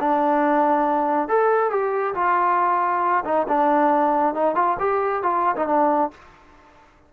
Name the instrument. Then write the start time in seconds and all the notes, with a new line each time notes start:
trombone
0.00 D4
1.28 A4
1.70 G4
2.14 F4
3.25 D#4
3.48 D4
4.34 D#4
4.55 F4
4.79 G4
5.23 F4
5.56 D#4
5.67 D4